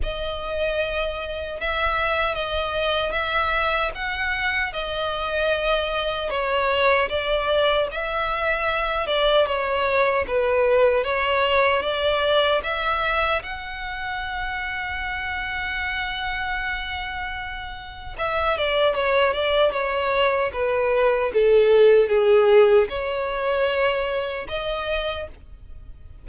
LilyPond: \new Staff \with { instrumentName = "violin" } { \time 4/4 \tempo 4 = 76 dis''2 e''4 dis''4 | e''4 fis''4 dis''2 | cis''4 d''4 e''4. d''8 | cis''4 b'4 cis''4 d''4 |
e''4 fis''2.~ | fis''2. e''8 d''8 | cis''8 d''8 cis''4 b'4 a'4 | gis'4 cis''2 dis''4 | }